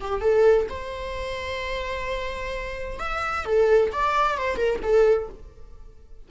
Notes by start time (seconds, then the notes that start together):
0.00 G4
0.21 A4
0.69 C5
2.99 E5
3.45 A4
3.91 D5
4.37 C5
4.56 A#4
4.82 A4